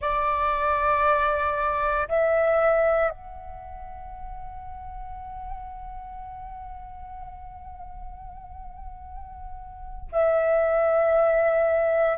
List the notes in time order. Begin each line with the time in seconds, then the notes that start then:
0.00 D5
2.08 E5
3.09 F#5
10.11 E5